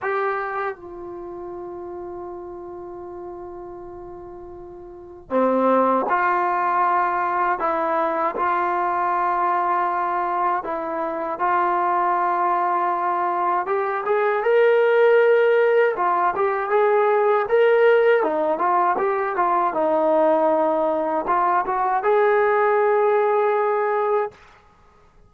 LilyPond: \new Staff \with { instrumentName = "trombone" } { \time 4/4 \tempo 4 = 79 g'4 f'2.~ | f'2. c'4 | f'2 e'4 f'4~ | f'2 e'4 f'4~ |
f'2 g'8 gis'8 ais'4~ | ais'4 f'8 g'8 gis'4 ais'4 | dis'8 f'8 g'8 f'8 dis'2 | f'8 fis'8 gis'2. | }